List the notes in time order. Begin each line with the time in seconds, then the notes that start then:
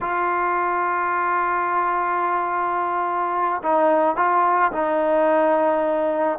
0.00 F4
3.62 D#4
4.15 F4
4.72 D#4